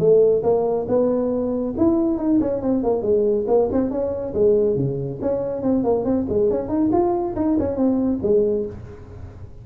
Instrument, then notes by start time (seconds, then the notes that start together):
tuba
0.00 A3
0.44 A#3
0.88 B3
1.78 E4
2.18 D#4
2.41 C#4
2.62 C4
2.84 A#3
3.03 G#3
3.48 A#3
3.73 C4
3.91 C#4
4.34 G#3
4.76 C#3
5.22 C#4
5.63 C4
5.84 A#3
6.05 C4
6.29 G#3
6.50 C#4
6.69 D#4
6.92 F4
7.36 D#4
7.59 C#4
7.77 C4
8.23 G#3